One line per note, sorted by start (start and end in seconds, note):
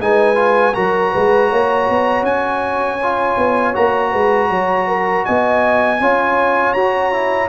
0.00 0.75 G#3
0.00 0.35 D#4
0.00 0.75 B4
0.00 0.74 G#5
0.35 0.73 F4
0.74 1.13 F#3
0.74 2.99 F#4
0.74 1.12 A#4
0.74 2.24 A#5
1.12 1.51 G#3
1.12 1.49 B4
1.50 1.89 A#3
1.50 4.11 C#5
1.89 2.23 B3
2.23 3.35 C#4
2.23 3.75 G#5
3.02 3.73 F4
3.37 3.75 B3
3.73 4.13 A#3
3.73 5.98 F#4
3.73 5.25 A#5
4.11 4.50 G#3
4.11 4.48 B4
4.50 5.25 F#3
4.50 4.87 C#5
4.87 5.25 A#4
5.25 6.00 B3
5.25 6.00 D#5
5.25 6.73 G#5
6.00 6.75 C#4
6.00 6.76 F4
6.00 7.48 C#5
6.73 7.48 F#4
6.73 7.12 F#4
6.73 7.48 A#5
7.12 7.48 E4